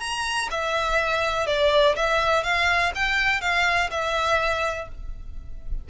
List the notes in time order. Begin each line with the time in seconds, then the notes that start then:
0.00 A#5
0.51 E5
1.47 D5
1.96 E5
2.44 F5
2.95 G5
3.41 F5
3.91 E5